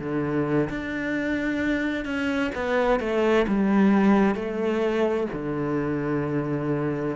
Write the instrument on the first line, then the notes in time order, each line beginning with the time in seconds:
cello
0.00 D3
0.70 D4
2.05 C#4
2.55 B3
3.00 A3
3.48 G3
4.36 A3
5.33 D3